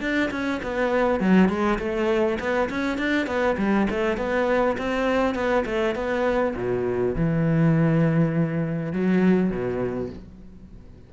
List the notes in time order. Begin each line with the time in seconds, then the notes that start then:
0.00 D4
0.31 C#4
0.63 B3
1.20 F#3
1.49 G#3
1.79 A3
2.39 B3
2.69 C#4
2.98 D4
3.27 B3
3.57 G3
3.90 A3
4.17 B3
4.78 C4
5.35 B3
5.65 A3
5.95 B3
6.56 B2
7.15 E3
8.93 F#3
9.50 B2